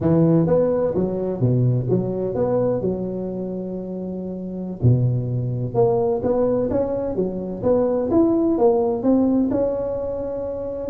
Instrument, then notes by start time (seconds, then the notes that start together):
tuba
0.00 E3
0.47 B3
0.95 F#3
1.40 B2
1.89 F#3
2.35 B3
2.81 F#3
4.82 B2
5.74 A#3
6.22 B3
6.70 C#4
7.15 F#3
7.62 B3
8.11 E4
8.58 A#3
9.02 C4
9.50 C#4